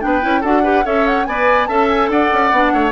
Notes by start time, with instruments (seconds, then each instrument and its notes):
0.00 bassoon B3, clarinet D4, oboe B4, flute G5
0.21 bassoon C#4, clarinet E4
0.41 bassoon D4, clarinet F#4, oboe A4, flute F#5
0.63 clarinet G4, oboe B4
0.84 bassoon C#4, clarinet A4, oboe C#5, flute E5
1.07 flute F#5
1.25 bassoon B3, clarinet B4, oboe D5, flute G#5
1.66 bassoon C#4, clarinet A4, oboe E5, flute A5
1.89 flute G#5
2.09 bassoon D4, oboe D5, flute F#5
2.33 bassoon C#4
2.51 bassoon B3, clarinet D4
2.73 bassoon A3, oboe C#5